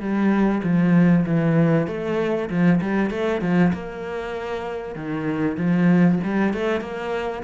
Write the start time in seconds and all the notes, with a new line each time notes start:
0.00 G3
0.64 F3
1.26 E3
1.87 A3
2.50 F3
2.81 G3
3.10 A3
3.41 F3
3.73 A#3
4.95 D#3
5.57 F3
6.24 G3
6.54 A3
6.81 A#3